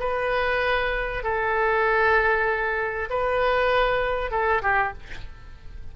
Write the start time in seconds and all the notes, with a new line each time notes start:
0.00 B4
1.23 A4
3.10 B4
4.31 A4
4.62 G4